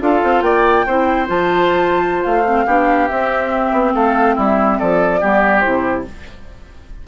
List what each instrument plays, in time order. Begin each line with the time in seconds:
0.00 bassoon D4, clarinet F4, oboe A4, flute F5
0.23 bassoon C4
0.41 bassoon A#3, oboe D5, flute G5
0.86 bassoon C4, clarinet E4, oboe C5
1.26 bassoon F3, clarinet F4, flute A5
2.23 bassoon A3, flute F5
2.45 clarinet C4
2.66 bassoon B3, clarinet D4, oboe G4
3.08 clarinet C4, bassoon C4, flute E5
3.72 bassoon B3
3.94 bassoon A3, oboe A4, flute F5
4.35 bassoon G3, oboe E4, flute E5
4.79 bassoon F3, oboe A4, flute D5
5.20 bassoon G3, clarinet B3, oboe G4
5.59 bassoon C3, clarinet E4, flute C5